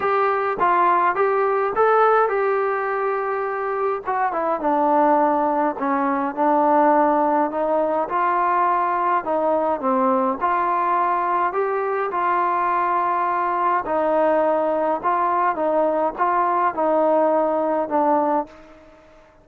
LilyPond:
\new Staff \with { instrumentName = "trombone" } { \time 4/4 \tempo 4 = 104 g'4 f'4 g'4 a'4 | g'2. fis'8 e'8 | d'2 cis'4 d'4~ | d'4 dis'4 f'2 |
dis'4 c'4 f'2 | g'4 f'2. | dis'2 f'4 dis'4 | f'4 dis'2 d'4 | }